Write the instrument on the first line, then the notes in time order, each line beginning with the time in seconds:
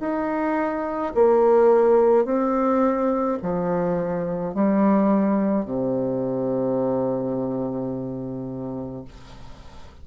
bassoon
0.00 D#4
1.15 A#3
2.25 C4
3.43 F3
4.54 G3
5.65 C3